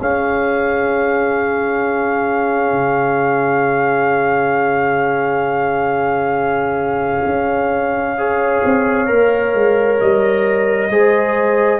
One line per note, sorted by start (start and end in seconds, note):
0.00 2.72 C#4
0.00 8.18 C#4
0.00 8.17 G#4
0.00 10.00 F5
2.72 7.25 C#3
7.25 8.61 C#4
8.17 9.06 G#4
8.17 10.90 C#5
8.64 9.10 C4
9.06 9.54 A#3
9.06 10.88 A#4
9.54 9.99 G#3
10.00 10.89 G3
10.00 11.79 D#5
10.89 11.79 G#3
10.89 11.79 G#4
10.89 11.79 C5